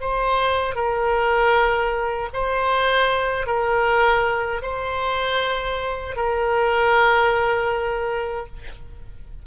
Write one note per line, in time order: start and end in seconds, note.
0.00 0.75 C5
0.75 2.29 A#4
2.33 3.46 C5
3.46 4.62 A#4
4.62 6.16 C5
6.16 8.47 A#4